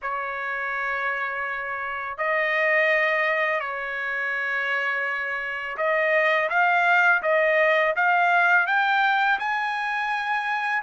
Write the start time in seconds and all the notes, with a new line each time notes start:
0.02 C#5
2.17 D#5
3.59 C#5
5.77 D#5
6.49 F5
7.22 D#5
7.96 F5
8.66 G5
9.39 G#5